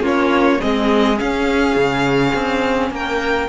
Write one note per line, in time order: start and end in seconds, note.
0.00 0.58 A#3
0.00 0.60 C#4
0.00 0.59 F4
0.06 0.61 C#5
0.59 1.21 G#3
0.59 1.17 C4
0.59 2.90 G#4
0.59 1.19 D#5
1.17 3.48 C#4
1.17 1.76 C#4
1.17 2.92 F5
1.76 2.34 C#3
2.35 2.91 C4
2.91 3.49 A#3
2.91 3.49 A#4
2.91 3.49 G5